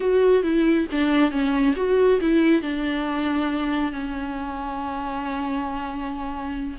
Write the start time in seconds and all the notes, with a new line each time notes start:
0.00 F#4
0.43 E4
0.91 D4
1.31 C#4
1.76 F#4
2.20 E4
2.61 D4
3.92 C#4